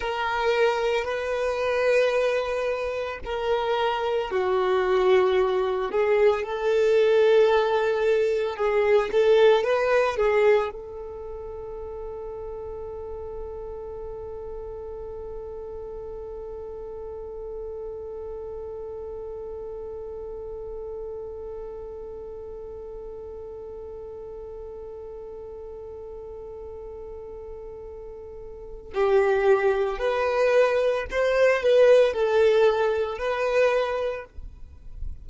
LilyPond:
\new Staff \with { instrumentName = "violin" } { \time 4/4 \tempo 4 = 56 ais'4 b'2 ais'4 | fis'4. gis'8 a'2 | gis'8 a'8 b'8 gis'8 a'2~ | a'1~ |
a'1~ | a'1~ | a'2. g'4 | b'4 c''8 b'8 a'4 b'4 | }